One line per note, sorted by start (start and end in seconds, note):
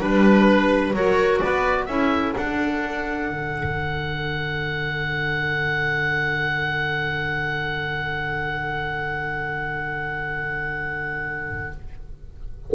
0.00 0.94 G3
0.00 0.94 D4
0.00 0.95 B4
0.94 1.41 F#3
0.94 1.89 F#4
0.94 1.43 A#4
0.94 1.40 C#5
1.40 1.88 B3
1.40 1.87 B4
1.40 1.86 D5
1.86 2.35 C#4
1.86 2.35 E4
1.86 11.71 A4
1.86 2.33 E5
2.35 11.73 D4
2.35 3.29 D4
2.35 11.75 F#5
3.29 11.73 D3